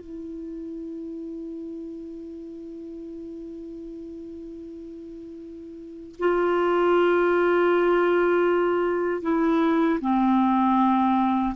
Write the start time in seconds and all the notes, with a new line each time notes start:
0.00 E4
6.19 F4
9.22 E4
10.01 C4